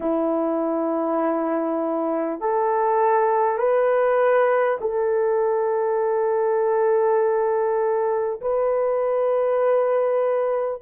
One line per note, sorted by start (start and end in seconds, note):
0.00 2.40 E4
2.40 3.58 A4
3.58 4.78 B4
4.80 8.40 A4
8.41 10.81 B4